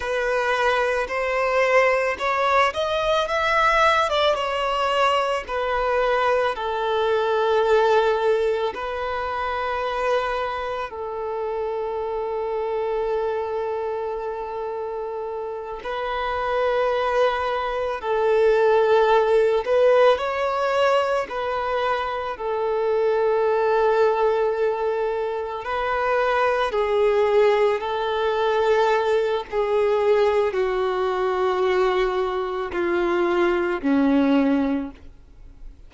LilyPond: \new Staff \with { instrumentName = "violin" } { \time 4/4 \tempo 4 = 55 b'4 c''4 cis''8 dis''8 e''8. d''16 | cis''4 b'4 a'2 | b'2 a'2~ | a'2~ a'8 b'4.~ |
b'8 a'4. b'8 cis''4 b'8~ | b'8 a'2. b'8~ | b'8 gis'4 a'4. gis'4 | fis'2 f'4 cis'4 | }